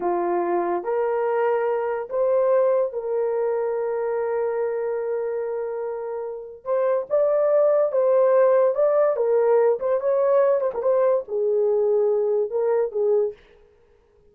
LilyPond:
\new Staff \with { instrumentName = "horn" } { \time 4/4 \tempo 4 = 144 f'2 ais'2~ | ais'4 c''2 ais'4~ | ais'1~ | ais'1 |
c''4 d''2 c''4~ | c''4 d''4 ais'4. c''8 | cis''4. c''16 ais'16 c''4 gis'4~ | gis'2 ais'4 gis'4 | }